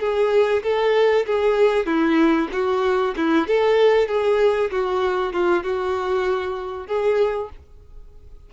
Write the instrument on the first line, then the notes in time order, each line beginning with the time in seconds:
violin
0.00 G#4
0.63 A4
1.26 G#4
1.86 E4
2.52 F#4
3.17 E4
3.47 A4
4.08 G#4
4.71 F#4
5.33 F4
5.63 F#4
6.87 G#4